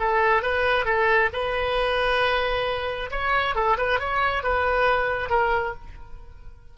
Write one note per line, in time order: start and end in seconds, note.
0.00 0.43 A4
0.43 0.86 B4
0.86 1.30 A4
1.33 3.11 B4
3.11 3.56 C#5
3.56 3.78 A4
3.78 4.00 B4
4.00 4.44 C#5
4.44 5.30 B4
5.30 5.75 A#4